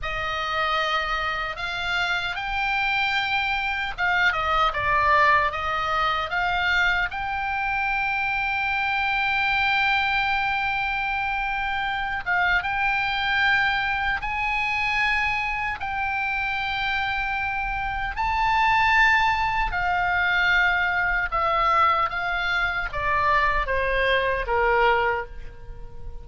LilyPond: \new Staff \with { instrumentName = "oboe" } { \time 4/4 \tempo 4 = 76 dis''2 f''4 g''4~ | g''4 f''8 dis''8 d''4 dis''4 | f''4 g''2.~ | g''2.~ g''8 f''8 |
g''2 gis''2 | g''2. a''4~ | a''4 f''2 e''4 | f''4 d''4 c''4 ais'4 | }